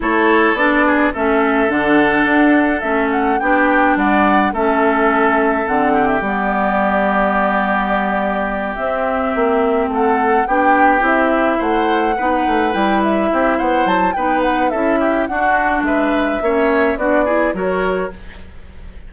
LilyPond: <<
  \new Staff \with { instrumentName = "flute" } { \time 4/4 \tempo 4 = 106 cis''4 d''4 e''4 fis''4~ | fis''4 e''8 fis''8 g''4 fis''4 | e''2 fis''8. e''16 d''4~ | d''2.~ d''8 e''8~ |
e''4. fis''4 g''4 e''8~ | e''8 fis''2 g''8 e''4 | fis''8 a''8 g''8 fis''8 e''4 fis''4 | e''2 d''4 cis''4 | }
  \new Staff \with { instrumentName = "oboe" } { \time 4/4 a'4. gis'8 a'2~ | a'2 g'4 d''4 | a'2~ a'8 g'4.~ | g'1~ |
g'4. a'4 g'4.~ | g'8 c''4 b'2 g'8 | c''4 b'4 a'8 g'8 fis'4 | b'4 cis''4 fis'8 gis'8 ais'4 | }
  \new Staff \with { instrumentName = "clarinet" } { \time 4/4 e'4 d'4 cis'4 d'4~ | d'4 cis'4 d'2 | cis'2 c'4 b4~ | b2.~ b8 c'8~ |
c'2~ c'8 d'4 e'8~ | e'4. dis'4 e'4.~ | e'4 dis'4 e'4 d'4~ | d'4 cis'4 d'8 e'8 fis'4 | }
  \new Staff \with { instrumentName = "bassoon" } { \time 4/4 a4 b4 a4 d4 | d'4 a4 b4 g4 | a2 d4 g4~ | g2.~ g8 c'8~ |
c'8 ais4 a4 b4 c'8~ | c'8 a4 b8 a8 g4 c'8 | b8 fis8 b4 cis'4 d'4 | gis4 ais4 b4 fis4 | }
>>